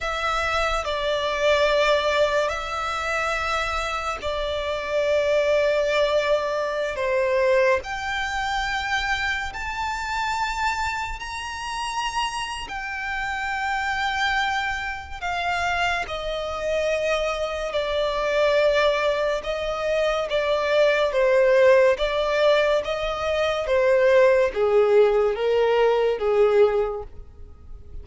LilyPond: \new Staff \with { instrumentName = "violin" } { \time 4/4 \tempo 4 = 71 e''4 d''2 e''4~ | e''4 d''2.~ | d''16 c''4 g''2 a''8.~ | a''4~ a''16 ais''4.~ ais''16 g''4~ |
g''2 f''4 dis''4~ | dis''4 d''2 dis''4 | d''4 c''4 d''4 dis''4 | c''4 gis'4 ais'4 gis'4 | }